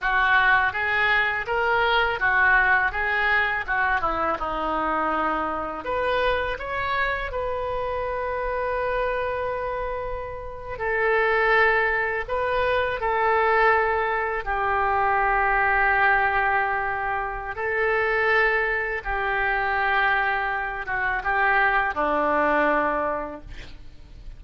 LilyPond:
\new Staff \with { instrumentName = "oboe" } { \time 4/4 \tempo 4 = 82 fis'4 gis'4 ais'4 fis'4 | gis'4 fis'8 e'8 dis'2 | b'4 cis''4 b'2~ | b'2~ b'8. a'4~ a'16~ |
a'8. b'4 a'2 g'16~ | g'1 | a'2 g'2~ | g'8 fis'8 g'4 d'2 | }